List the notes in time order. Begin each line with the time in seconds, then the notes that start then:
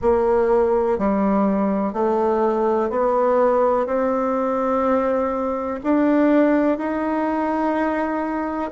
0.01 A#3
0.98 G3
1.93 A3
2.90 B3
3.86 C4
5.83 D4
6.77 D#4